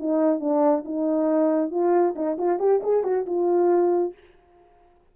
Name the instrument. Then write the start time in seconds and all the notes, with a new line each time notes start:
horn
0.00 D#4
0.40 D4
0.85 D#4
1.71 F4
2.16 D#4
2.38 F4
2.60 G4
2.83 G#4
3.04 F#4
3.26 F4